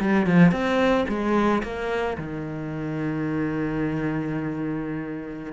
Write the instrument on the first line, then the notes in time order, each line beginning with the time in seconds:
cello
0.00 G3
0.27 F3
0.52 C4
1.08 G#3
1.63 A#3
2.18 D#3